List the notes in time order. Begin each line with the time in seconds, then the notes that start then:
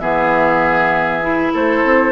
0.00 E3 B3 G#4 E5
1.22 E4
1.54 A3 A4 C5
1.84 C4